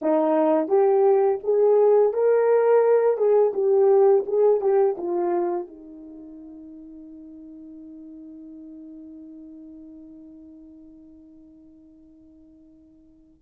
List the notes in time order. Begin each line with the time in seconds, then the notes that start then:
0.01 D#4
0.68 G4
1.43 G#4
2.13 A#4
3.17 G#4
3.53 G4
4.26 G#4
4.60 G4
4.97 F4
5.67 D#4